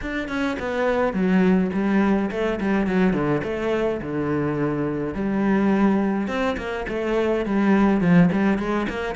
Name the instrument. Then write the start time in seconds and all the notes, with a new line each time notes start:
cello
0.01 D4
0.28 C#4
0.59 B3
1.13 F#3
1.73 G3
2.31 A3
2.60 G3
2.86 F#3
3.13 D3
3.43 A3
4.01 D3
5.14 G3
6.27 C4
6.57 A#3
6.88 A3
7.45 G3
8.00 F3
8.32 G3
8.58 G#3
8.89 A#3